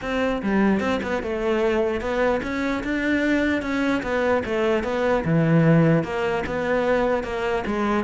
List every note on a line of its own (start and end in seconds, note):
0.01 0.42 C4
0.42 0.80 G3
0.80 1.00 C4
1.02 1.22 B3
1.22 2.00 A3
2.00 2.41 B3
2.42 2.83 C#4
2.83 3.61 D4
3.61 4.02 C#4
4.03 4.43 B3
4.45 4.83 A3
4.83 5.24 B3
5.24 6.03 E3
6.03 6.43 A#3
6.46 7.23 B3
7.23 7.63 A#3
7.66 8.04 G#3